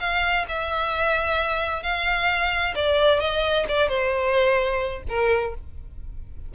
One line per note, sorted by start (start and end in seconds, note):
0.00 0.46 F5
0.49 1.83 E5
1.83 2.75 F5
2.75 3.20 D5
3.20 3.66 D#5
3.68 3.88 D5
3.88 5.03 C5
5.09 5.55 A#4